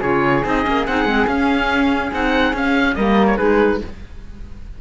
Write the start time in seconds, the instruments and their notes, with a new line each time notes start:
0.00 cello C#3, clarinet F4, flute G#4, oboe C#5
0.44 cello C4, clarinet D#4, oboe D#5
0.64 cello A#3, clarinet C#4
0.87 cello C4, clarinet D#4, oboe F#5
1.05 cello G#3, clarinet C4
1.27 cello C#4, clarinet C#4, oboe F5
2.12 cello C4, clarinet D#4, oboe F#5
2.54 cello C#4, clarinet C#4, oboe F5
2.95 cello G3, clarinet A#3, flute A#4, oboe D#5
3.27 oboe C#5
3.38 cello G#3, clarinet D#4, flute G#4, oboe B4